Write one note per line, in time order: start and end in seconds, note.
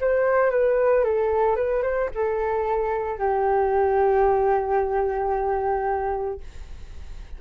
0.00 0.51 C5
0.51 1.04 B4
1.04 1.56 A4
1.56 1.83 B4
1.83 2.09 C5
2.15 3.19 A4
3.19 6.40 G4